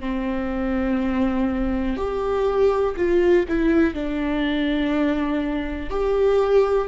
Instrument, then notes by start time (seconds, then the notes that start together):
viola
0.00 C4
1.97 G4
2.96 F4
3.48 E4
3.94 D4
5.90 G4